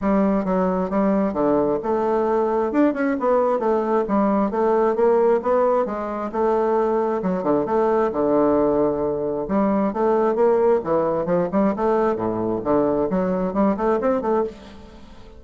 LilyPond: \new Staff \with { instrumentName = "bassoon" } { \time 4/4 \tempo 4 = 133 g4 fis4 g4 d4 | a2 d'8 cis'8 b4 | a4 g4 a4 ais4 | b4 gis4 a2 |
fis8 d8 a4 d2~ | d4 g4 a4 ais4 | e4 f8 g8 a4 a,4 | d4 fis4 g8 a8 c'8 a8 | }